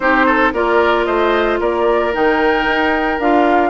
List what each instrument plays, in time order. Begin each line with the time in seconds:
0.00 bassoon C4, clarinet D#4, oboe G4, flute C5
0.26 oboe A4
0.53 bassoon A#3, clarinet F4, oboe A#4, flute D5
1.05 bassoon A3, oboe C5, flute D#5
1.60 bassoon A#3, oboe A#4, flute D5
2.13 bassoon D#3, clarinet D#4, flute G5
2.65 bassoon D#4
3.19 bassoon D4, clarinet F4, flute F5